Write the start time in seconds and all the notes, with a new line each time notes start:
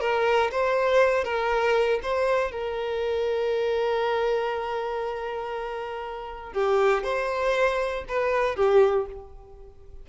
0.00 A#4
0.51 C5
1.24 A#4
2.02 C5
2.51 A#4
6.53 G4
7.03 C5
8.08 B4
8.56 G4